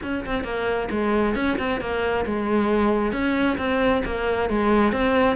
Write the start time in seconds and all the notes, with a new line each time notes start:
0.02 C#4
0.25 C4
0.44 A#3
0.91 G#3
1.35 C#4
1.58 C4
1.80 A#3
2.25 G#3
3.12 C#4
3.58 C4
4.05 A#3
4.49 G#3
4.92 C4